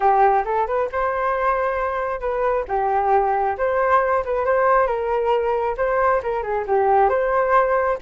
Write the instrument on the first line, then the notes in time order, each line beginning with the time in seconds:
flute
0.00 G4
0.44 A4
0.67 B4
0.92 C5
2.20 B4
2.68 G4
3.57 C5
4.24 B4
4.45 C5
4.87 A#4
5.77 C5
6.22 A#4
6.42 G#4
6.67 G4
7.09 C5